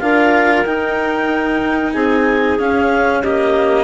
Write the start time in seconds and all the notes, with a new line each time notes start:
0.00 D4 F4 A#4 F5
0.65 D#4 G5
1.93 C4 G#4 G#5
2.59 C#4 F5
3.22 A#3 G4 D#5